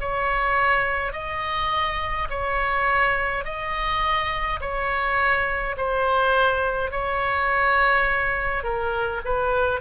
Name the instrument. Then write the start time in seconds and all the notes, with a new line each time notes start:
oboe
0.00 C#5
1.12 D#5
2.29 C#5
3.44 D#5
4.60 C#5
5.77 C5
6.91 C#5
8.63 A#4
9.24 B4